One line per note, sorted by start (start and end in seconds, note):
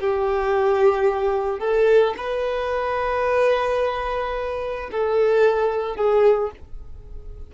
0.00 1.59 G4
1.59 2.14 A4
2.17 4.90 B4
4.91 5.96 A4
5.96 6.51 G#4